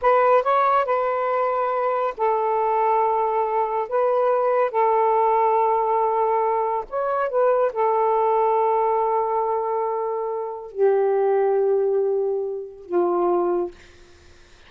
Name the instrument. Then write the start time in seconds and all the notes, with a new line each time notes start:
saxophone
0.01 B4
0.42 C#5
0.85 B4
2.17 A4
3.88 B4
4.70 A4
6.89 C#5
7.29 B4
7.72 A4
10.71 G4
12.85 F4